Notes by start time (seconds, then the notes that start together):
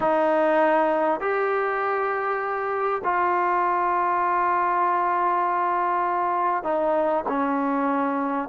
0.00 D#4
1.20 G4
3.03 F4
6.63 D#4
7.28 C#4